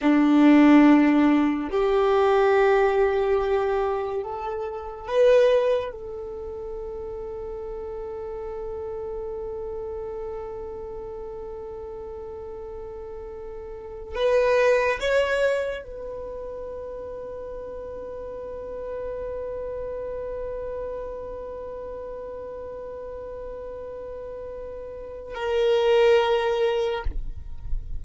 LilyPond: \new Staff \with { instrumentName = "violin" } { \time 4/4 \tempo 4 = 71 d'2 g'2~ | g'4 a'4 b'4 a'4~ | a'1~ | a'1~ |
a'8. b'4 cis''4 b'4~ b'16~ | b'1~ | b'1~ | b'2 ais'2 | }